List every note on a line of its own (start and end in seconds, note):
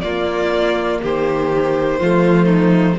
0.00 1.00 A#3
0.00 2.00 A#3
0.00 1.01 F4
0.00 0.98 D5
1.01 2.00 D#3
1.01 2.00 G4
1.01 2.99 C5
2.00 2.99 F3
2.00 2.99 A3
2.00 2.45 F4
2.45 2.94 D#4